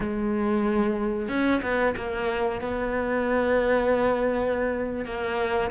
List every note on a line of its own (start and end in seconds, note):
0.00 1.28 G#3
1.28 1.61 C#4
1.62 1.94 B3
1.96 2.61 A#3
2.61 5.05 B3
5.05 5.70 A#3